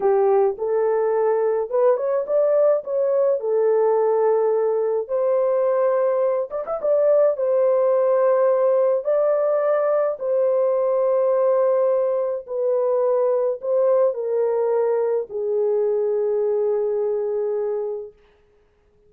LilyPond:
\new Staff \with { instrumentName = "horn" } { \time 4/4 \tempo 4 = 106 g'4 a'2 b'8 cis''8 | d''4 cis''4 a'2~ | a'4 c''2~ c''8 d''16 e''16 | d''4 c''2. |
d''2 c''2~ | c''2 b'2 | c''4 ais'2 gis'4~ | gis'1 | }